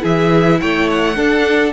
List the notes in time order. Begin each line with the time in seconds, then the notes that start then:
0.00 E3 E4 G#4 E5
0.61 A3 C#5 G5
0.90 F#5
1.15 D4 A4